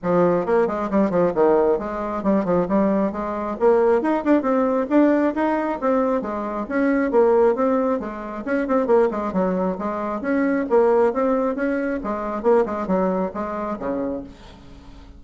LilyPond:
\new Staff \with { instrumentName = "bassoon" } { \time 4/4 \tempo 4 = 135 f4 ais8 gis8 g8 f8 dis4 | gis4 g8 f8 g4 gis4 | ais4 dis'8 d'8 c'4 d'4 | dis'4 c'4 gis4 cis'4 |
ais4 c'4 gis4 cis'8 c'8 | ais8 gis8 fis4 gis4 cis'4 | ais4 c'4 cis'4 gis4 | ais8 gis8 fis4 gis4 cis4 | }